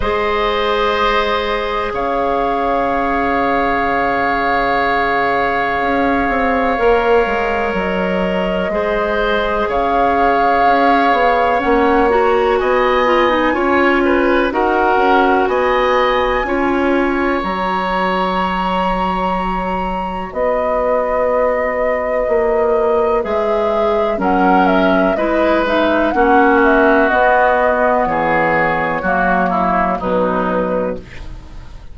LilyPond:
<<
  \new Staff \with { instrumentName = "flute" } { \time 4/4 \tempo 4 = 62 dis''2 f''2~ | f''1 | dis''2 f''2 | fis''8 ais''8 gis''2 fis''4 |
gis''2 ais''2~ | ais''4 dis''2. | e''4 fis''8 e''8 dis''8 e''8 fis''8 e''8 | dis''4 cis''2 b'4 | }
  \new Staff \with { instrumentName = "oboe" } { \time 4/4 c''2 cis''2~ | cis''1~ | cis''4 c''4 cis''2~ | cis''4 dis''4 cis''8 b'8 ais'4 |
dis''4 cis''2.~ | cis''4 b'2.~ | b'4 ais'4 b'4 fis'4~ | fis'4 gis'4 fis'8 e'8 dis'4 | }
  \new Staff \with { instrumentName = "clarinet" } { \time 4/4 gis'1~ | gis'2. ais'4~ | ais'4 gis'2. | cis'8 fis'4 f'16 dis'16 f'4 fis'4~ |
fis'4 f'4 fis'2~ | fis'1 | gis'4 cis'4 e'8 dis'8 cis'4 | b2 ais4 fis4 | }
  \new Staff \with { instrumentName = "bassoon" } { \time 4/4 gis2 cis2~ | cis2 cis'8 c'8 ais8 gis8 | fis4 gis4 cis4 cis'8 b8 | ais4 b4 cis'4 dis'8 cis'8 |
b4 cis'4 fis2~ | fis4 b2 ais4 | gis4 fis4 gis4 ais4 | b4 e4 fis4 b,4 | }
>>